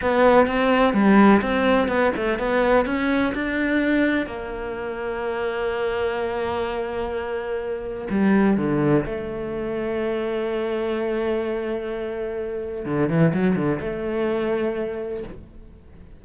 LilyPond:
\new Staff \with { instrumentName = "cello" } { \time 4/4 \tempo 4 = 126 b4 c'4 g4 c'4 | b8 a8 b4 cis'4 d'4~ | d'4 ais2.~ | ais1~ |
ais4 g4 d4 a4~ | a1~ | a2. d8 e8 | fis8 d8 a2. | }